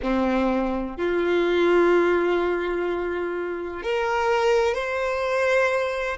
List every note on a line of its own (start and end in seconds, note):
0.02 0.97 C4
0.97 3.82 F4
3.83 4.74 A#4
4.74 6.17 C5